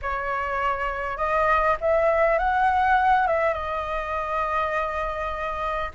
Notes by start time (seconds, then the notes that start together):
0.02 C#5
1.17 D#5
1.80 E5
2.38 F#5
3.27 E5
3.53 D#5